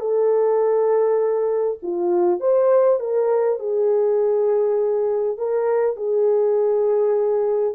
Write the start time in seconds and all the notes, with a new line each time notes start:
0.00 A4
1.82 F4
2.40 C5
3.00 A#4
3.59 G#4
5.38 A#4
5.96 G#4